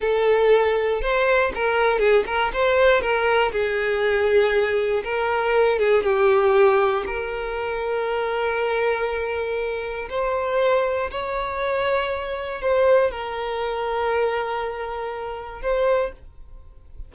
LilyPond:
\new Staff \with { instrumentName = "violin" } { \time 4/4 \tempo 4 = 119 a'2 c''4 ais'4 | gis'8 ais'8 c''4 ais'4 gis'4~ | gis'2 ais'4. gis'8 | g'2 ais'2~ |
ais'1 | c''2 cis''2~ | cis''4 c''4 ais'2~ | ais'2. c''4 | }